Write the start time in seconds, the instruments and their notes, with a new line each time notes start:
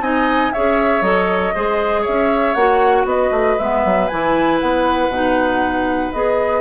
0.00 bassoon C4, clarinet D#4, oboe D#5, flute G#5
0.52 bassoon C#4, clarinet G#4, oboe C#5, flute E5
1.01 bassoon F#3, clarinet A4, flute D#5
1.54 bassoon G#3, clarinet G#4, oboe C5
2.01 oboe C#5, flute E5
2.08 bassoon C#4
2.54 bassoon A#3, clarinet F#4, flute F#5
3.04 bassoon B3, oboe B4, flute D#5
3.31 bassoon A3
3.58 bassoon G#3, clarinet B3, flute E5
3.84 bassoon F#3
4.08 bassoon E3, clarinet E4, flute G#5
4.60 bassoon B3, flute F#5
5.08 bassoon B2, clarinet D#4
6.12 bassoon B3, clarinet G#4, flute D#5